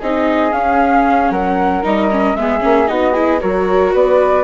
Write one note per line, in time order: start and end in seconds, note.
0.00 0.53 C4
0.00 0.52 D#4
0.00 1.32 G#4
0.00 0.53 D#5
0.52 1.83 C#4
0.52 1.31 C#4
0.52 1.32 F5
1.31 1.83 F#3
1.31 2.37 A#4
1.31 1.84 F#5
1.84 2.35 G3
1.84 2.10 D#4
1.84 2.37 D#5
2.11 2.37 C#4
2.35 2.61 G#3
2.35 2.60 B3
2.35 2.90 G#4
2.35 2.88 E5
2.60 2.90 A#3
2.60 2.87 C#4
2.87 3.42 B3
2.87 3.14 D#4
2.87 3.13 F#4
2.87 3.40 D#5
3.13 3.40 E4
3.13 3.40 G#4
3.40 3.95 F#3
3.40 4.44 F#4
3.40 3.94 A#4
3.40 3.94 C#5
3.94 4.44 B3
3.94 4.44 B4
3.94 4.44 D5